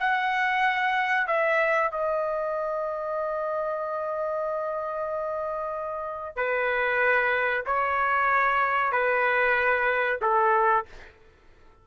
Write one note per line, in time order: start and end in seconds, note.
0.00 1.27 F#5
1.27 1.91 E5
1.91 6.36 D#5
6.36 7.64 B4
7.66 8.92 C#5
8.92 10.20 B4
10.22 10.86 A4